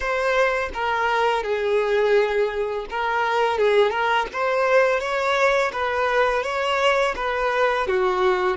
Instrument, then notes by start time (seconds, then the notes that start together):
violin
0.00 C5
0.73 A#4
1.43 G#4
2.90 A#4
3.58 G#4
3.90 A#4
4.32 C5
5.00 C#5
5.72 B4
6.43 C#5
7.16 B4
7.87 F#4